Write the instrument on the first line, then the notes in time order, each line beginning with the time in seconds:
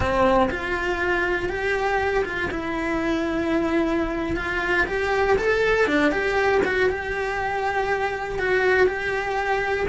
cello
0.00 C4
0.50 F4
1.49 G4
2.25 F4
2.50 E4
4.36 F4
4.86 G4
5.37 A4
5.87 D4
6.11 G4
6.64 F#4
6.89 G4
8.38 F#4
8.86 G4